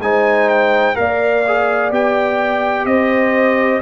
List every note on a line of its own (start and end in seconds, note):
0.00 0.95 G#3
0.00 0.95 D#4
0.00 0.98 C5
0.00 0.49 G#5
0.49 0.96 G5
0.95 1.92 A#3
0.95 1.43 A#4
0.95 2.89 D5
0.95 1.91 F5
1.48 1.92 G#4
1.92 2.85 B3
1.92 3.82 G4
1.92 2.86 G5
2.85 3.81 C4
2.85 3.83 C5
2.85 3.81 D#5